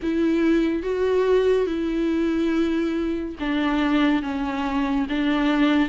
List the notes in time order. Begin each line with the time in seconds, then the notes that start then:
0.02 E4
0.82 F#4
1.66 E4
3.39 D4
4.22 C#4
5.09 D4